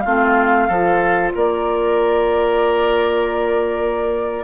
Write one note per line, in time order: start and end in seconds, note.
0.00 0.69 A3
0.00 0.70 C4
0.00 0.68 F4
0.00 1.30 F5
0.68 1.34 F3
0.68 4.44 F4
0.68 1.33 A4
1.34 4.44 A#3
1.34 4.44 A#4
1.34 4.44 D5